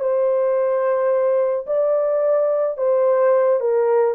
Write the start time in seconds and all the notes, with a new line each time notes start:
0.00 C5
1.67 D5
2.78 C5
3.61 A#4